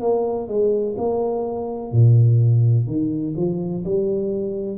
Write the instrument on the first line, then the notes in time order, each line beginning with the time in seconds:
tuba
0.00 A#3
0.48 G#3
0.97 A#3
1.92 A#2
2.87 D#3
3.36 F3
3.85 G3